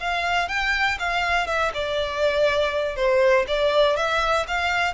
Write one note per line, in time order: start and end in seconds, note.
0.00 0.48 F5
0.48 0.98 G5
0.99 1.47 F5
1.47 1.71 E5
1.74 2.96 D5
2.96 3.46 C5
3.47 3.96 D5
3.96 4.46 E5
4.47 4.93 F5